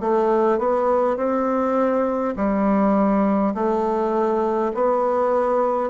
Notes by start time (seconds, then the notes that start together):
0.00 A3
0.58 B3
1.17 C4
2.36 G3
3.54 A3
4.74 B3